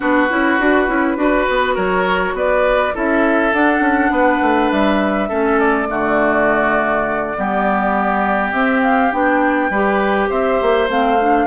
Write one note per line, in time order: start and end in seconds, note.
0.00 0.30 B3
0.00 0.28 D4
0.00 1.16 F#4
0.00 1.76 B4
0.29 0.59 C#4
0.29 0.58 E4
0.58 0.88 D4
0.58 0.87 F#4
0.87 1.16 C#4
0.87 1.16 E4
1.16 1.46 D4
1.16 2.93 F#4
1.16 1.75 B4
1.49 1.76 B3
1.75 2.33 F#3
1.75 2.33 A#4
1.75 2.35 C#5
2.33 2.92 B3
2.33 2.94 B4
2.33 2.96 D5
2.94 3.52 C#4
2.94 3.52 E4
2.94 4.12 A4
2.94 3.53 E5
3.52 3.80 D4
3.52 5.29 D4
3.52 4.70 F#5
3.80 4.09 C#4
4.10 4.39 B3
4.10 5.28 B4
4.41 4.71 A3
4.70 5.30 G3
4.70 5.59 E5
5.28 5.89 A3
5.28 5.87 C#4
5.28 5.87 A4
5.59 8.52 D5
5.87 7.36 D3
5.87 7.34 A3
5.87 7.37 F#4
7.37 8.52 G3
7.37 8.53 B3
7.37 9.70 G4
8.52 9.11 C4
8.52 9.12 C4
8.52 8.81 E5
8.82 9.11 F5
9.11 9.70 B3
9.11 9.70 D4
9.11 10.29 G5
9.70 10.29 G3
9.70 10.88 G4
9.70 10.29 B4
10.29 10.60 C4
10.29 11.46 C5
10.29 10.88 E5
10.61 10.89 A#3
10.88 11.46 A3
10.88 11.18 C4
10.88 11.46 F5
11.20 11.46 D4